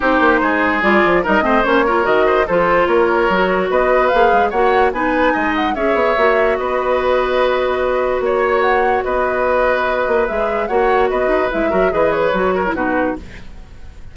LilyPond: <<
  \new Staff \with { instrumentName = "flute" } { \time 4/4 \tempo 4 = 146 c''2 d''4 dis''4 | cis''4 dis''4 c''4 cis''4~ | cis''4 dis''4 f''4 fis''4 | gis''4. fis''8 e''2 |
dis''1 | cis''4 fis''4 dis''2~ | dis''4 e''4 fis''4 dis''4 | e''4 dis''8 cis''4. b'4 | }
  \new Staff \with { instrumentName = "oboe" } { \time 4/4 g'4 gis'2 ais'8 c''8~ | c''8 ais'4 c''8 a'4 ais'4~ | ais'4 b'2 cis''4 | b'4 dis''4 cis''2 |
b'1 | cis''2 b'2~ | b'2 cis''4 b'4~ | b'8 ais'8 b'4. ais'8 fis'4 | }
  \new Staff \with { instrumentName = "clarinet" } { \time 4/4 dis'2 f'4 dis'8 c'8 | cis'8 f'8 fis'4 f'2 | fis'2 gis'4 fis'4 | dis'2 gis'4 fis'4~ |
fis'1~ | fis'1~ | fis'4 gis'4 fis'2 | e'8 fis'8 gis'4 fis'8. e'16 dis'4 | }
  \new Staff \with { instrumentName = "bassoon" } { \time 4/4 c'8 ais8 gis4 g8 f8 g8 a8 | ais4 dis4 f4 ais4 | fis4 b4 ais8 gis8 ais4 | b4 gis4 cis'8 b8 ais4 |
b1 | ais2 b2~ | b8 ais8 gis4 ais4 b8 dis'8 | gis8 fis8 e4 fis4 b,4 | }
>>